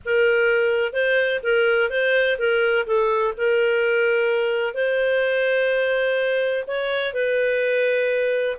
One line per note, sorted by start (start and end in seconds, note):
0.05 0.93 A#4
0.93 1.40 C5
1.43 1.90 A#4
1.90 2.37 C5
2.38 2.86 A#4
2.86 3.34 A4
3.37 4.74 A#4
4.74 6.64 C5
6.67 7.13 C#5
7.13 8.56 B4